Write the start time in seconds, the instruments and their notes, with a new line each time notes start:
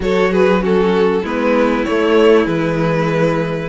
0.00 cello F#3, viola F#4, violin A4 C#5
0.31 violin G#4 B4
0.60 viola C#4, violin F#4 A4
1.22 cello G#3, viola B3, violin E4 B4
1.84 viola A3, cello A3, violin C#5
2.44 cello E3, viola G#3, violin B4